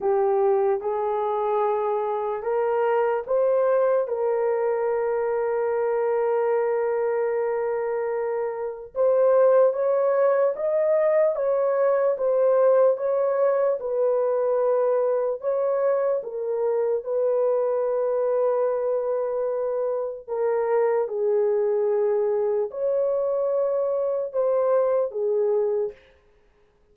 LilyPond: \new Staff \with { instrumentName = "horn" } { \time 4/4 \tempo 4 = 74 g'4 gis'2 ais'4 | c''4 ais'2.~ | ais'2. c''4 | cis''4 dis''4 cis''4 c''4 |
cis''4 b'2 cis''4 | ais'4 b'2.~ | b'4 ais'4 gis'2 | cis''2 c''4 gis'4 | }